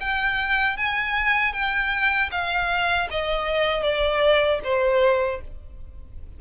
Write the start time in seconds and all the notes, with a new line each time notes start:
0.00 G5
0.77 G#5
1.53 G5
2.31 F5
3.10 D#5
3.83 D5
4.64 C5